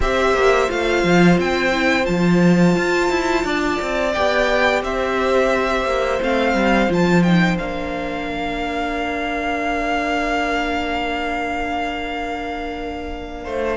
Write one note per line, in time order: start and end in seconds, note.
0.00 0.33 C4
0.00 0.68 G4
0.00 3.44 C5
0.00 0.70 E5
0.33 0.68 A#3
0.68 1.03 A3
0.68 1.71 F4
0.68 1.39 F5
1.03 1.37 F3
1.37 2.06 C4
1.37 2.05 G5
1.72 2.03 E4
2.03 2.76 F3
2.03 4.10 F4
2.03 4.12 A5
2.76 3.09 F4
3.09 3.44 E4
3.44 3.78 D4
3.44 4.82 D5
3.81 4.16 C4
4.13 4.82 B3
4.13 6.21 G4
4.13 4.82 G5
4.82 5.85 C4
4.82 8.27 C5
4.82 6.21 E5
5.85 6.19 A#3
6.21 6.54 A3
6.21 6.89 C4
6.21 6.92 F5
6.54 6.88 G3
6.89 7.59 F3
6.89 7.24 F4
6.89 7.22 A5
7.22 7.57 D#4
7.22 7.57 G5
7.57 13.45 A#3
7.57 13.76 D4
7.57 13.76 F5
8.27 13.44 A#4
13.44 13.76 A3
13.44 13.76 C5